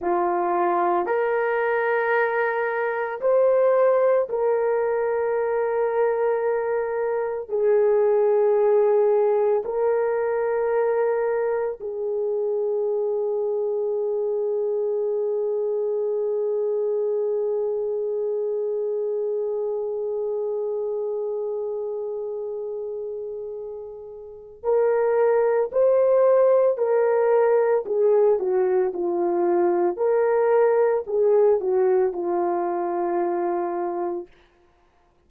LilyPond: \new Staff \with { instrumentName = "horn" } { \time 4/4 \tempo 4 = 56 f'4 ais'2 c''4 | ais'2. gis'4~ | gis'4 ais'2 gis'4~ | gis'1~ |
gis'1~ | gis'2. ais'4 | c''4 ais'4 gis'8 fis'8 f'4 | ais'4 gis'8 fis'8 f'2 | }